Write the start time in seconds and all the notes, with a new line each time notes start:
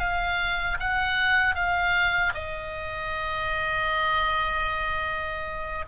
0.00 F5
0.80 F#5
1.55 F5
2.35 D#5